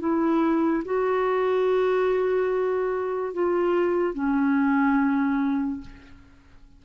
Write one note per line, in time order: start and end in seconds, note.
0.00 0.83 E4
0.85 3.34 F#4
3.34 4.14 F4
4.14 5.81 C#4